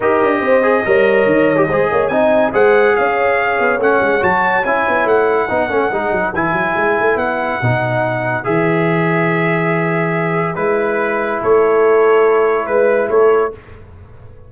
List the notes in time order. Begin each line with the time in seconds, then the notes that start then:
0.00 D#4 G4 A#4 D#5
0.22 D4
0.40 C4 C5
0.62 G#4
0.85 G3 A#4 C#5
1.26 D#3
1.56 G4
1.67 G#3 G#4 C5
1.91 A#3 C#5
2.08 C4 D#4 D#5 G#5
2.52 G#3 G#4 C5 F#5
2.95 C#4 C#5 F5
3.59 B3
3.78 A3 C#4 F#5
4.00 G#3
4.21 F#3 F#4 A5
4.64 C#4 E4 G#5
4.87 B3
5.05 A3 F#5
5.49 B3 D#4 B4
5.69 A3 C#4
5.91 G#3 D#4
6.11 F#3
6.34 E3 E4 G#5
6.52 F#3
6.76 G#3
7.00 A3
7.16 B3 F#5
7.62 B2 D#4
8.44 E3 G#4 E5
10.55 G#3 E4 B4
11.41 A3 A4 C#5
12.66 G#3 B4
13.09 A3 A4 C#5